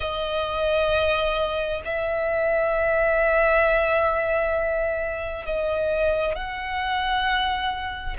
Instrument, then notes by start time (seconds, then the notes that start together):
violin
0.00 D#5
1.84 E5
5.45 D#5
6.35 F#5